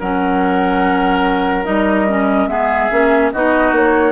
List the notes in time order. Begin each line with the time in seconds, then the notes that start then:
0.00 F#3 C#4 A#4 F#5
1.65 G3 D#4 D#5
2.09 C#4
2.47 G#3 B3 G#4 E5
2.91 A#3 C#4
3.32 B3 D#4 F#4 D#5
3.72 A#3 C#5